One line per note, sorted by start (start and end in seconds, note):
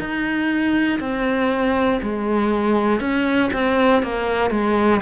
0.00 1.00 D#4
1.00 2.00 C4
2.03 3.01 G#3
3.01 3.51 C#4
3.54 4.03 C4
4.03 4.51 A#3
4.51 5.01 G#3